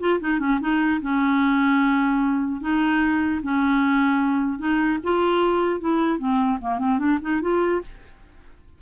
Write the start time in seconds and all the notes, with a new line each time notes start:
0.00 F4
0.21 D#4
0.40 C#4
0.61 D#4
1.02 C#4
2.61 D#4
3.43 C#4
4.59 D#4
5.04 F4
5.81 E4
6.19 C4
6.61 A#3
6.79 C4
6.99 D4
7.22 D#4
7.42 F4